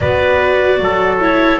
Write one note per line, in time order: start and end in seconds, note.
0.00 0.79 B3
0.00 1.20 F#4
0.00 0.81 B4
0.00 1.18 D5
0.79 1.59 F#3
0.79 1.60 A4
1.20 1.60 E4
1.20 1.60 C#5